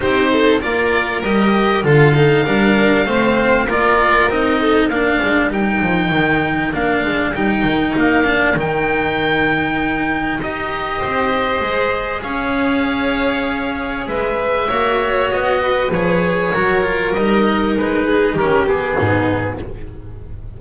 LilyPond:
<<
  \new Staff \with { instrumentName = "oboe" } { \time 4/4 \tempo 4 = 98 c''4 d''4 dis''4 f''4~ | f''2 d''4 dis''4 | f''4 g''2 f''4 | g''4 f''4 g''2~ |
g''4 dis''2. | f''2. e''4~ | e''4 dis''4 cis''2 | dis''4 b'4 ais'8 gis'4. | }
  \new Staff \with { instrumentName = "violin" } { \time 4/4 g'8 a'8 ais'2 a'4 | ais'4 c''4 ais'4. a'8 | ais'1~ | ais'1~ |
ais'2 c''2 | cis''2. b'4 | cis''4. b'4. ais'4~ | ais'4. gis'8 g'4 dis'4 | }
  \new Staff \with { instrumentName = "cello" } { \time 4/4 dis'4 f'4 g'4 f'8 dis'8 | d'4 c'4 f'4 dis'4 | d'4 dis'2 d'4 | dis'4. d'8 dis'2~ |
dis'4 g'2 gis'4~ | gis'1 | fis'2 gis'4 fis'8 f'8 | dis'2 cis'8 b4. | }
  \new Staff \with { instrumentName = "double bass" } { \time 4/4 c'4 ais4 g4 d4 | g4 a4 ais4 c'4 | ais8 gis8 g8 f8 dis4 ais8 gis8 | g8 dis8 ais4 dis2~ |
dis4 dis'4 c'4 gis4 | cis'2. gis4 | ais4 b4 f4 fis4 | g4 gis4 dis4 gis,4 | }
>>